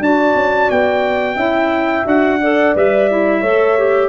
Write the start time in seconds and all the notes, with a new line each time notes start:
0.00 D4 F#4 D5 A5
0.35 C#4
0.70 B3 G5
1.36 C#4 E4 E5
2.04 D4 F#4 F#5
2.41 A4 D5
2.76 G3 B4 E5
3.11 E4
3.41 A3 A4 C#5
3.78 G4